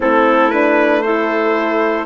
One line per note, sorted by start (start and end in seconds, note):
0.00 2.05 A3
0.00 0.52 C4
0.00 1.02 E4
0.00 0.50 A4
0.50 1.04 D4
0.50 1.01 B4
1.01 2.05 E4
1.01 2.05 A4
1.01 2.05 C5